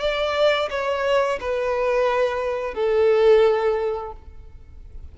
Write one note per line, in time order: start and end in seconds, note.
0.00 0.69 D5
0.70 1.39 C#5
1.40 2.74 B4
2.74 4.12 A4